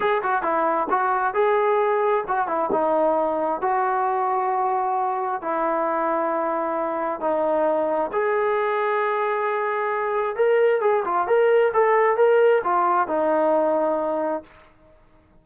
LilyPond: \new Staff \with { instrumentName = "trombone" } { \time 4/4 \tempo 4 = 133 gis'8 fis'8 e'4 fis'4 gis'4~ | gis'4 fis'8 e'8 dis'2 | fis'1 | e'1 |
dis'2 gis'2~ | gis'2. ais'4 | gis'8 f'8 ais'4 a'4 ais'4 | f'4 dis'2. | }